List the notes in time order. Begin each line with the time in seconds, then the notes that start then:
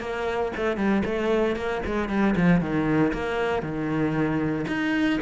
0.00 A#3
0.56 A3
0.76 G3
1.05 A3
1.56 A#3
1.86 G#3
2.09 G3
2.36 F3
2.61 D#3
3.13 A#3
3.62 D#3
4.67 D#4